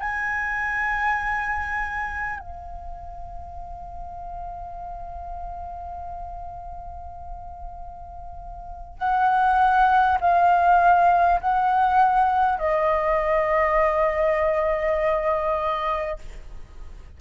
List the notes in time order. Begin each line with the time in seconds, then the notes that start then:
0.00 G#5
2.39 F5
8.98 F#5
10.21 F5
11.41 F#5
12.59 D#5